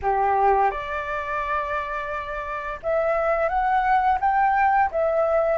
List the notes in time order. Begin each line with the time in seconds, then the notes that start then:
0.02 G4
0.70 D5
2.82 E5
3.49 F#5
4.20 G5
4.91 E5